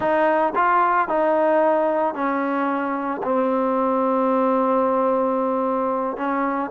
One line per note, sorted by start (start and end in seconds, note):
0.00 0.53 D#4
0.55 1.08 F4
1.08 2.14 D#4
2.14 3.21 C#4
3.22 6.16 C4
6.16 6.70 C#4